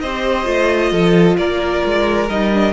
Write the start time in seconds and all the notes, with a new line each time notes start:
0.00 C4 G4 C5 D#5
0.45 A3 F4
0.91 F3 A4
1.37 A#3 A#4 D5
1.85 G#3
2.30 G3 D#4 D#5
2.53 D4